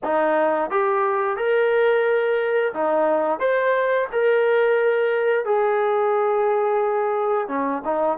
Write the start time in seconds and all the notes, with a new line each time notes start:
0.03 D#4
0.70 G4
1.36 A#4
2.73 D#4
3.39 C5
4.12 A#4
5.45 G#4
7.48 C#4
7.84 D#4